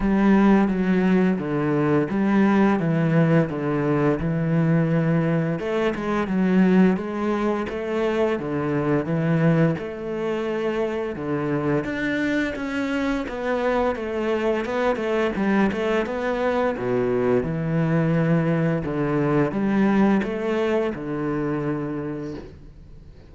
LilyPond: \new Staff \with { instrumentName = "cello" } { \time 4/4 \tempo 4 = 86 g4 fis4 d4 g4 | e4 d4 e2 | a8 gis8 fis4 gis4 a4 | d4 e4 a2 |
d4 d'4 cis'4 b4 | a4 b8 a8 g8 a8 b4 | b,4 e2 d4 | g4 a4 d2 | }